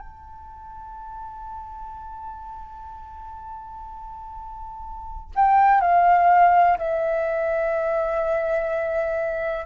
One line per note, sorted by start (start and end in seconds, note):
0.00 5.32 A5
5.35 5.81 G5
5.81 6.78 F5
6.78 9.66 E5